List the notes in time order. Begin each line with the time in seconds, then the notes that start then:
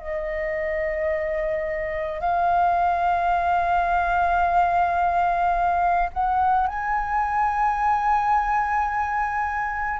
0.00 D#5
2.21 F5
6.14 F#5
6.68 G#5